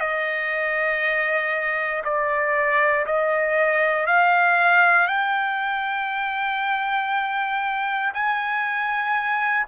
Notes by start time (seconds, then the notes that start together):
0.00 D#5
2.04 D5
3.06 D#5
4.07 F5
5.07 G5
8.14 G#5